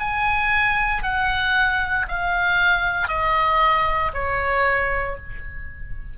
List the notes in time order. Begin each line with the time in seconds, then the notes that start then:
0.00 G#5
1.03 F#5
2.09 F5
3.08 D#5
4.14 C#5